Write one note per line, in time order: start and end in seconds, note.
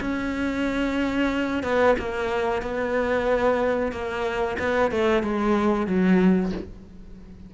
0.00 1.63 C#4
1.63 1.95 B3
1.99 2.62 A#3
2.62 3.92 B3
3.92 4.57 A#3
4.59 4.91 B3
4.91 5.23 A3
5.23 5.86 G#3
5.86 6.52 F#3